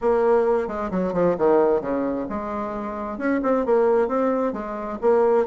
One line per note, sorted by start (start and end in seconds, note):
0.01 0.67 A#3
0.67 0.90 G#3
0.90 1.13 F#3
1.13 1.35 F3
1.38 1.81 D#3
1.81 2.26 C#3
2.29 3.17 G#3
3.17 3.40 C#4
3.42 3.65 C4
3.65 4.08 A#3
4.08 4.52 C4
4.52 4.98 G#3
5.01 5.46 A#3